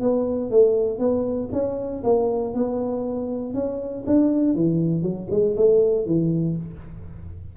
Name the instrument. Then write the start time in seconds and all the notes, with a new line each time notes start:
tuba
0.00 B3
0.50 A3
0.99 B3
1.52 C#4
2.03 A#3
2.53 B3
3.54 C#4
4.06 D4
4.54 E3
5.02 F#3
5.30 G#3
5.56 A3
6.05 E3